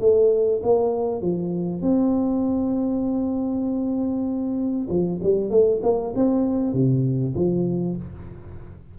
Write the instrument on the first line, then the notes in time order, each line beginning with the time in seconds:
tuba
0.00 A3
0.63 A#3
1.21 F3
1.81 C4
4.89 F3
5.22 G3
5.50 A3
5.82 A#3
6.15 C4
6.73 C3
7.35 F3